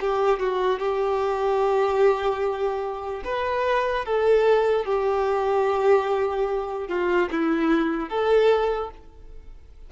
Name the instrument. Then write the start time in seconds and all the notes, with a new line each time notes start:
violin
0.00 G4
0.39 F#4
0.79 G4
3.24 B4
4.05 A4
4.85 G4
6.88 F4
7.31 E4
8.09 A4